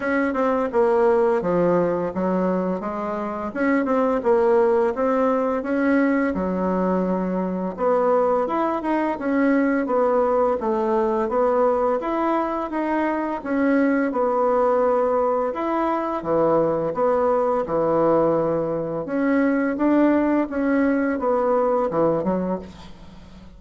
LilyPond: \new Staff \with { instrumentName = "bassoon" } { \time 4/4 \tempo 4 = 85 cis'8 c'8 ais4 f4 fis4 | gis4 cis'8 c'8 ais4 c'4 | cis'4 fis2 b4 | e'8 dis'8 cis'4 b4 a4 |
b4 e'4 dis'4 cis'4 | b2 e'4 e4 | b4 e2 cis'4 | d'4 cis'4 b4 e8 fis8 | }